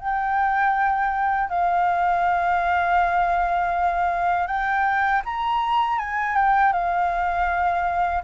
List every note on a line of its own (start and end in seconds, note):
0.00 1.50 G5
1.50 4.47 F5
4.47 5.22 G5
5.25 5.99 A#5
5.99 6.36 G#5
6.36 6.73 G5
6.73 8.23 F5